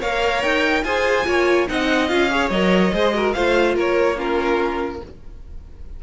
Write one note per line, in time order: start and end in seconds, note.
0.00 0.44 A#3
0.00 0.85 A#4
0.00 0.83 C#5
0.00 0.43 F5
0.43 0.85 D#4
0.43 0.84 G5
0.84 1.26 F4
0.84 1.26 G#4
0.84 1.27 C5
0.84 1.67 G#5
1.26 1.69 A#3
1.26 1.68 F4
1.26 1.69 C#5
1.68 2.12 C4
1.68 2.09 D#4
1.68 2.32 D#5
1.68 2.09 F#5
2.09 2.50 C#4
2.09 2.30 F4
2.09 2.50 F5
2.31 2.52 G#4
2.31 2.94 C#5
2.50 2.92 F#3
2.50 2.94 A#4
2.50 3.33 D#5
2.94 3.36 G#3
2.94 3.14 G#4
2.94 3.15 C5
3.14 3.35 F#4
3.14 3.35 A#4
3.33 3.77 A3
3.33 4.16 F4
3.33 3.76 C5
3.33 3.75 F5
3.76 5.02 A#3
3.76 4.17 A#4
3.76 4.20 C#5
4.16 5.00 C#4
4.16 5.02 F4
4.16 5.04 A#4